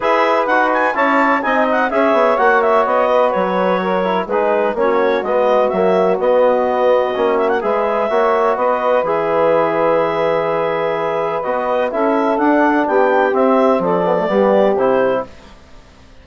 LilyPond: <<
  \new Staff \with { instrumentName = "clarinet" } { \time 4/4 \tempo 4 = 126 e''4 fis''8 gis''8 a''4 gis''8 fis''8 | e''4 fis''8 e''8 dis''4 cis''4~ | cis''4 b'4 cis''4 dis''4 | e''4 dis''2~ dis''8 e''16 fis''16 |
e''2 dis''4 e''4~ | e''1 | dis''4 e''4 fis''4 g''4 | e''4 d''2 c''4 | }
  \new Staff \with { instrumentName = "saxophone" } { \time 4/4 b'2 cis''4 dis''4 | cis''2~ cis''8 b'4. | ais'4 gis'4 fis'2~ | fis'1 |
b'4 cis''4 b'2~ | b'1~ | b'4 a'2 g'4~ | g'4 a'4 g'2 | }
  \new Staff \with { instrumentName = "trombone" } { \time 4/4 gis'4 fis'4 e'4 dis'4 | gis'4 fis'2.~ | fis'8 e'8 dis'4 cis'4 b4 | ais4 b2 cis'4 |
gis'4 fis'2 gis'4~ | gis'1 | fis'4 e'4 d'2 | c'4. b16 a16 b4 e'4 | }
  \new Staff \with { instrumentName = "bassoon" } { \time 4/4 e'4 dis'4 cis'4 c'4 | cis'8 b8 ais4 b4 fis4~ | fis4 gis4 ais4 gis4 | fis4 b2 ais4 |
gis4 ais4 b4 e4~ | e1 | b4 cis'4 d'4 b4 | c'4 f4 g4 c4 | }
>>